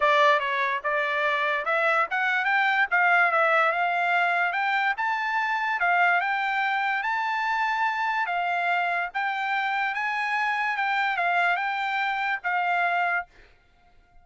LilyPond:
\new Staff \with { instrumentName = "trumpet" } { \time 4/4 \tempo 4 = 145 d''4 cis''4 d''2 | e''4 fis''4 g''4 f''4 | e''4 f''2 g''4 | a''2 f''4 g''4~ |
g''4 a''2. | f''2 g''2 | gis''2 g''4 f''4 | g''2 f''2 | }